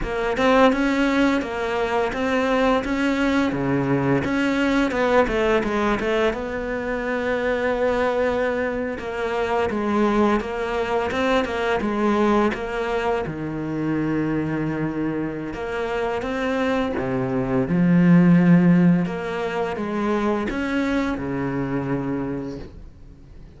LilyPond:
\new Staff \with { instrumentName = "cello" } { \time 4/4 \tempo 4 = 85 ais8 c'8 cis'4 ais4 c'4 | cis'4 cis4 cis'4 b8 a8 | gis8 a8 b2.~ | b8. ais4 gis4 ais4 c'16~ |
c'16 ais8 gis4 ais4 dis4~ dis16~ | dis2 ais4 c'4 | c4 f2 ais4 | gis4 cis'4 cis2 | }